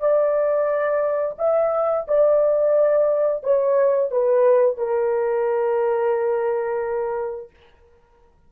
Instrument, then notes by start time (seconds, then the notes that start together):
horn
0.00 D5
1.38 E5
2.08 D5
3.43 C#5
4.11 B4
4.78 A#4